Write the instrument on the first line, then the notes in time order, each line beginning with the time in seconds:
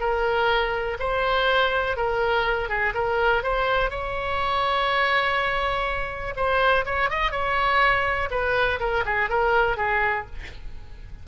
oboe
0.00 A#4
1.00 C5
1.97 A#4
2.69 G#4
2.94 A#4
3.43 C5
3.90 C#5
6.36 C5
6.85 C#5
7.10 D#5
7.31 C#5
8.30 B4
8.80 A#4
9.06 G#4
9.29 A#4
9.77 G#4